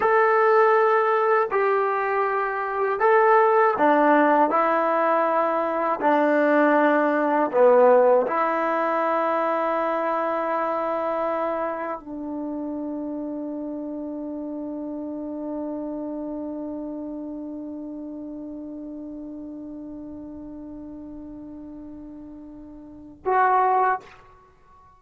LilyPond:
\new Staff \with { instrumentName = "trombone" } { \time 4/4 \tempo 4 = 80 a'2 g'2 | a'4 d'4 e'2 | d'2 b4 e'4~ | e'1 |
d'1~ | d'1~ | d'1~ | d'2. fis'4 | }